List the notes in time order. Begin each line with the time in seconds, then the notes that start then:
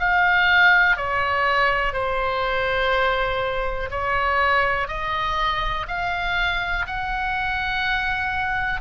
0.00 F5
0.97 C#5
1.93 C5
3.91 C#5
4.88 D#5
5.88 F5
6.87 F#5